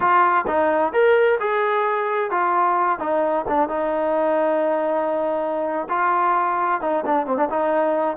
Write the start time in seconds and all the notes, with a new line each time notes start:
0.00 F4
0.47 D#4
0.92 A#4
1.40 G#4
2.31 F4
2.99 D#4
3.48 D4
3.68 D#4
5.89 F4
6.81 D#4
7.05 D4
7.26 C4
7.37 D4
7.49 D#4